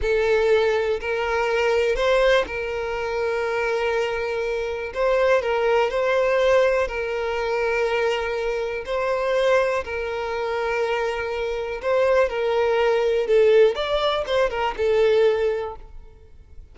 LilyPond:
\new Staff \with { instrumentName = "violin" } { \time 4/4 \tempo 4 = 122 a'2 ais'2 | c''4 ais'2.~ | ais'2 c''4 ais'4 | c''2 ais'2~ |
ais'2 c''2 | ais'1 | c''4 ais'2 a'4 | d''4 c''8 ais'8 a'2 | }